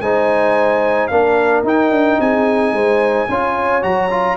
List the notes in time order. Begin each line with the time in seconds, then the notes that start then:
0.00 G#3 D#4 C5 G#5
1.07 A#3 D4 A#4 F5
1.63 D#4 G5
1.91 D4
2.19 C4 G#4 G#5
2.72 G#3 C5
3.28 C#4 F4 C#5
3.81 F#3 F#4 A#5
4.10 F4